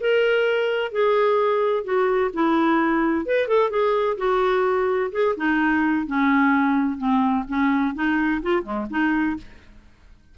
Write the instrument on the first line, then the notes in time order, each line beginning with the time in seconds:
clarinet
0.00 A#4
0.92 G#4
1.84 F#4
2.33 E4
3.26 B4
3.48 A4
3.70 G#4
4.17 F#4
5.12 G#4
5.37 D#4
6.06 C#4
6.98 C4
7.48 C#4
7.95 D#4
8.42 F4
8.63 G#3
8.90 D#4